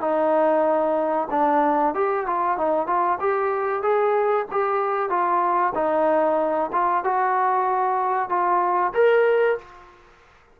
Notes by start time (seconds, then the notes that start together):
0.00 D#4
1.30 D4
1.94 G4
2.26 F4
2.57 D#4
2.86 F4
3.20 G4
3.82 G#4
4.51 G4
5.09 F4
5.74 D#4
6.72 F4
7.04 F#4
8.29 F4
8.94 A#4